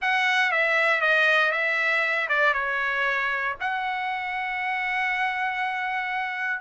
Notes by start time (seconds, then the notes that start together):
0.01 F#5
0.51 E5
1.01 D#5
1.51 E5
2.28 D5
2.53 C#5
3.60 F#5